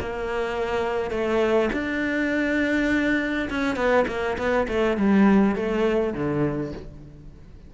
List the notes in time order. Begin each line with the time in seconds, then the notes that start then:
0.00 A#3
1.11 A3
1.73 D4
3.50 C#4
3.76 B3
4.08 A#3
4.38 B3
4.68 A3
4.97 G3
5.56 A3
6.14 D3